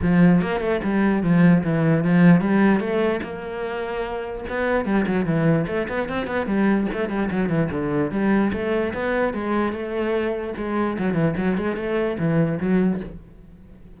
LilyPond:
\new Staff \with { instrumentName = "cello" } { \time 4/4 \tempo 4 = 148 f4 ais8 a8 g4 f4 | e4 f4 g4 a4 | ais2. b4 | g8 fis8 e4 a8 b8 c'8 b8 |
g4 a8 g8 fis8 e8 d4 | g4 a4 b4 gis4 | a2 gis4 fis8 e8 | fis8 gis8 a4 e4 fis4 | }